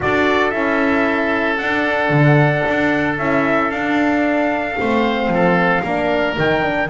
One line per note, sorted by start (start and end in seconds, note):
0.00 0.53 D4
0.00 0.51 F#4
0.00 4.79 A4
0.00 0.50 D5
0.50 1.58 C#4
0.50 1.58 E4
0.50 1.56 E5
1.57 2.09 D4
1.57 3.18 D4
1.57 3.16 F#5
2.09 2.62 D3
2.68 3.18 D4
3.17 3.70 C#4
3.17 3.72 E4
3.17 3.70 E5
3.70 4.77 D4
3.70 6.36 F5
4.77 5.28 A3
4.77 5.82 C4
4.77 5.32 C5
5.28 5.81 F3
5.28 5.82 A4
5.82 6.37 A#3
5.82 6.35 D4
5.82 6.88 A#4
6.35 6.89 D#3
6.35 6.62 D#4
6.35 6.89 G5
6.62 6.88 D4